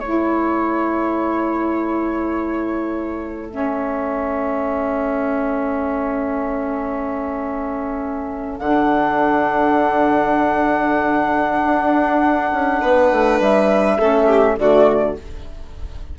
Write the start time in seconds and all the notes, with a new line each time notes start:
0.00 A3 E4 A4 C#5
3.50 C#4 E5
8.59 D3 D4 F#5
11.64 D4
12.52 C#4
12.82 B3 B4
13.12 A3
13.40 G3 E5
13.99 A3 C#4 A4
14.27 G4
14.57 D3 A3 F#4 D5